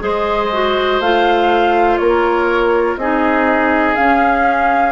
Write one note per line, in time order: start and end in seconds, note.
0.00 1.00 G#3
0.00 0.49 G#4
0.00 2.00 C5
0.00 1.01 D#5
0.53 1.02 F#4
1.00 1.98 A3
1.00 3.00 F4
1.00 1.97 F5
1.97 2.97 A#3
1.97 3.00 A#4
1.97 2.96 C#5
2.97 3.95 C4
2.97 3.96 D#4
2.97 4.92 G#4
2.97 3.95 D#5
3.95 4.92 C#4
3.95 4.92 F5